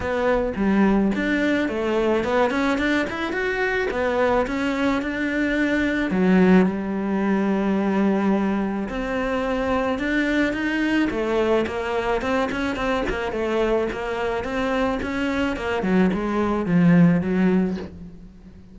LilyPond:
\new Staff \with { instrumentName = "cello" } { \time 4/4 \tempo 4 = 108 b4 g4 d'4 a4 | b8 cis'8 d'8 e'8 fis'4 b4 | cis'4 d'2 fis4 | g1 |
c'2 d'4 dis'4 | a4 ais4 c'8 cis'8 c'8 ais8 | a4 ais4 c'4 cis'4 | ais8 fis8 gis4 f4 fis4 | }